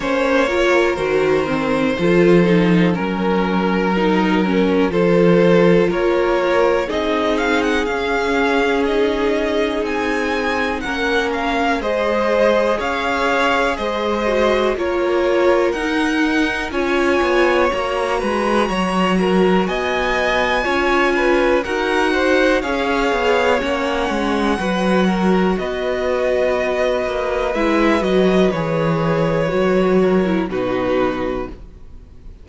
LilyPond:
<<
  \new Staff \with { instrumentName = "violin" } { \time 4/4 \tempo 4 = 61 cis''4 c''2 ais'4~ | ais'4 c''4 cis''4 dis''8 f''16 fis''16 | f''4 dis''4 gis''4 fis''8 f''8 | dis''4 f''4 dis''4 cis''4 |
fis''4 gis''4 ais''2 | gis''2 fis''4 f''4 | fis''2 dis''2 | e''8 dis''8 cis''2 b'4 | }
  \new Staff \with { instrumentName = "violin" } { \time 4/4 c''8 ais'4. a'4 ais'4~ | ais'4 a'4 ais'4 gis'4~ | gis'2. ais'4 | c''4 cis''4 c''4 ais'4~ |
ais'4 cis''4. b'8 cis''8 ais'8 | dis''4 cis''8 b'8 ais'8 c''8 cis''4~ | cis''4 b'8 ais'8 b'2~ | b'2~ b'8 ais'8 fis'4 | }
  \new Staff \with { instrumentName = "viola" } { \time 4/4 cis'8 f'8 fis'8 c'8 f'8 dis'8 cis'4 | dis'8 cis'8 f'2 dis'4 | cis'4 dis'2 cis'4 | gis'2~ gis'8 fis'8 f'4 |
dis'4 f'4 fis'2~ | fis'4 f'4 fis'4 gis'4 | cis'4 fis'2. | e'8 fis'8 gis'4 fis'8. e'16 dis'4 | }
  \new Staff \with { instrumentName = "cello" } { \time 4/4 ais4 dis4 f4 fis4~ | fis4 f4 ais4 c'4 | cis'2 c'4 ais4 | gis4 cis'4 gis4 ais4 |
dis'4 cis'8 b8 ais8 gis8 fis4 | b4 cis'4 dis'4 cis'8 b8 | ais8 gis8 fis4 b4. ais8 | gis8 fis8 e4 fis4 b,4 | }
>>